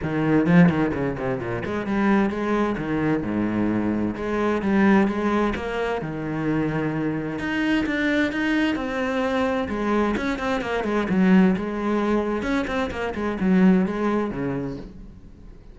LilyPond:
\new Staff \with { instrumentName = "cello" } { \time 4/4 \tempo 4 = 130 dis4 f8 dis8 cis8 c8 ais,8 gis8 | g4 gis4 dis4 gis,4~ | gis,4 gis4 g4 gis4 | ais4 dis2. |
dis'4 d'4 dis'4 c'4~ | c'4 gis4 cis'8 c'8 ais8 gis8 | fis4 gis2 cis'8 c'8 | ais8 gis8 fis4 gis4 cis4 | }